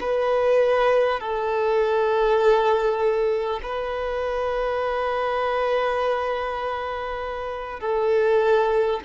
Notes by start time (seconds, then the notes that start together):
0.00 B4
1.20 A4
3.63 B4
7.79 A4